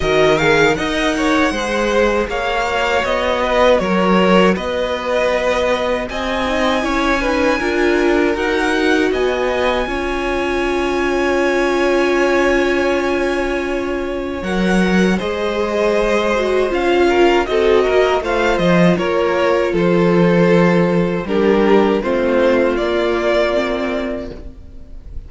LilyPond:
<<
  \new Staff \with { instrumentName = "violin" } { \time 4/4 \tempo 4 = 79 dis''8 f''8 fis''2 f''4 | dis''4 cis''4 dis''2 | gis''2. fis''4 | gis''1~ |
gis''2. fis''4 | dis''2 f''4 dis''4 | f''8 dis''8 cis''4 c''2 | ais'4 c''4 d''2 | }
  \new Staff \with { instrumentName = "violin" } { \time 4/4 ais'4 dis''8 cis''8 c''4 cis''4~ | cis''8 b'8 ais'4 b'2 | dis''4 cis''8 b'8 ais'2 | dis''4 cis''2.~ |
cis''1 | c''2~ c''8 ais'8 a'8 ais'8 | c''4 ais'4 a'2 | g'4 f'2. | }
  \new Staff \with { instrumentName = "viola" } { \time 4/4 fis'8 gis'8 ais'4 gis'4. fis'8~ | fis'1~ | fis'8 dis'8 e'8 dis'8 f'4 fis'4~ | fis'4 f'2.~ |
f'2. ais'4 | gis'4. fis'8 f'4 fis'4 | f'1 | d'4 c'4 ais4 c'4 | }
  \new Staff \with { instrumentName = "cello" } { \time 4/4 dis4 dis'4 gis4 ais4 | b4 fis4 b2 | c'4 cis'4 d'4 dis'4 | b4 cis'2.~ |
cis'2. fis4 | gis2 cis'4 c'8 ais8 | a8 f8 ais4 f2 | g4 a4 ais2 | }
>>